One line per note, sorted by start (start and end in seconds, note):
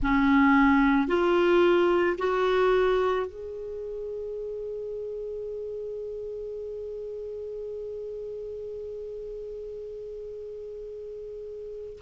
0.02 1.07 C#4
1.07 2.16 F4
2.18 3.26 F#4
3.26 11.99 G#4